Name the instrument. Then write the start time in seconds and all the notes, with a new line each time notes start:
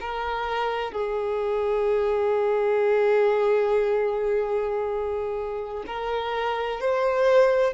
violin
0.00 A#4
0.92 G#4
5.87 A#4
6.81 C5